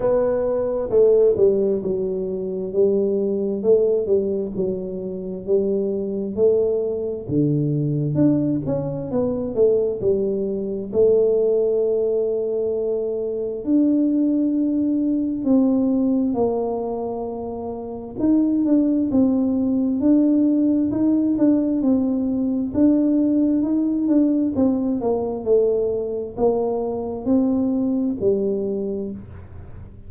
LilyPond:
\new Staff \with { instrumentName = "tuba" } { \time 4/4 \tempo 4 = 66 b4 a8 g8 fis4 g4 | a8 g8 fis4 g4 a4 | d4 d'8 cis'8 b8 a8 g4 | a2. d'4~ |
d'4 c'4 ais2 | dis'8 d'8 c'4 d'4 dis'8 d'8 | c'4 d'4 dis'8 d'8 c'8 ais8 | a4 ais4 c'4 g4 | }